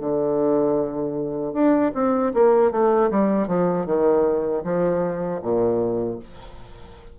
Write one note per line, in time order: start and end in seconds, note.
0.00 1.53 D3
1.53 1.92 D4
1.94 2.33 C4
2.34 2.72 A#3
2.72 3.10 A3
3.11 3.48 G3
3.48 3.86 F3
3.86 4.63 D#3
4.64 5.41 F3
5.42 6.19 A#2